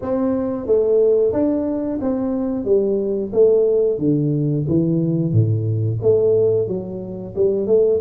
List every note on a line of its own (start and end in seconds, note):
0.01 0.66 C4
0.66 1.32 A3
1.32 1.99 D4
2.01 2.65 C4
2.65 3.31 G3
3.32 3.98 A3
3.98 4.65 D3
4.68 5.32 E3
5.32 5.98 A2
6.02 6.67 A3
6.67 7.34 F#3
7.35 7.66 G3
7.66 8.00 A3